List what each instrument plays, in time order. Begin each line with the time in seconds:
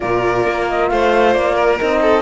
0.00 cello A#2, horn F4, violin A#4, flute D5
0.46 cello A#3
0.68 flute D#5
0.89 cello A3, violin C5, flute F5
1.33 cello A#3, flute D5
1.54 violin A#4
1.79 cello C4, horn D#4, flute D#5
2.01 violin A4